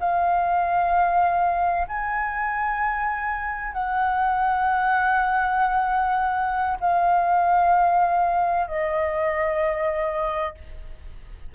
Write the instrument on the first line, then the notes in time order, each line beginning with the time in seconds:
flute
0.00 F5
1.88 G#5
3.73 F#5
6.80 F5
8.67 D#5